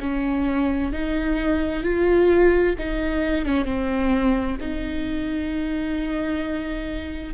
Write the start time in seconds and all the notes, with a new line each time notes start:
0.00 C#4
0.93 D#4
1.83 F4
2.79 D#4
3.45 C#4
3.65 C4
4.61 D#4